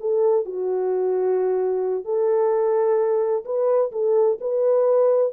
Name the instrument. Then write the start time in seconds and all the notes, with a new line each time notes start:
horn
0.00 A4
0.45 F#4
2.05 A4
3.45 B4
3.92 A4
4.40 B4